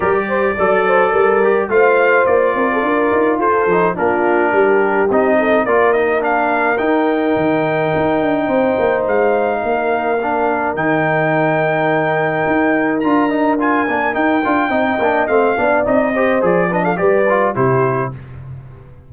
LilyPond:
<<
  \new Staff \with { instrumentName = "trumpet" } { \time 4/4 \tempo 4 = 106 d''2. f''4 | d''2 c''4 ais'4~ | ais'4 dis''4 d''8 dis''8 f''4 | g''1 |
f''2. g''4~ | g''2. ais''4 | gis''4 g''2 f''4 | dis''4 d''8 dis''16 f''16 d''4 c''4 | }
  \new Staff \with { instrumentName = "horn" } { \time 4/4 ais'8 c''8 d''8 c''8 ais'4 c''4~ | c''8 ais'16 a'16 ais'4 a'4 f'4 | g'4. a'8 ais'2~ | ais'2. c''4~ |
c''4 ais'2.~ | ais'1~ | ais'2 dis''4. d''8~ | d''8 c''4 b'16 a'16 b'4 g'4 | }
  \new Staff \with { instrumentName = "trombone" } { \time 4/4 g'4 a'4. g'8 f'4~ | f'2~ f'8 dis'8 d'4~ | d'4 dis'4 f'8 dis'8 d'4 | dis'1~ |
dis'2 d'4 dis'4~ | dis'2. f'8 dis'8 | f'8 d'8 dis'8 f'8 dis'8 d'8 c'8 d'8 | dis'8 g'8 gis'8 d'8 g'8 f'8 e'4 | }
  \new Staff \with { instrumentName = "tuba" } { \time 4/4 g4 fis4 g4 a4 | ais8 c'8 d'8 dis'8 f'8 f8 ais4 | g4 c'4 ais2 | dis'4 dis4 dis'8 d'8 c'8 ais8 |
gis4 ais2 dis4~ | dis2 dis'4 d'4~ | d'8 ais8 dis'8 d'8 c'8 ais8 a8 b8 | c'4 f4 g4 c4 | }
>>